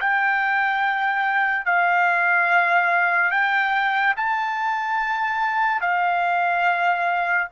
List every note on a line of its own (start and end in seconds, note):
0.00 1.65 G5
1.65 3.31 F5
3.31 4.14 G5
4.17 5.81 A5
5.81 7.47 F5